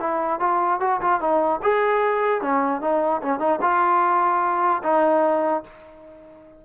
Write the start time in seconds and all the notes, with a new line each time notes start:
0.00 E4
0.40 F4
0.81 F#4
1.01 F4
1.21 D#4
1.63 G#4
2.41 C#4
2.81 D#4
3.23 C#4
3.40 D#4
3.62 F4
4.83 D#4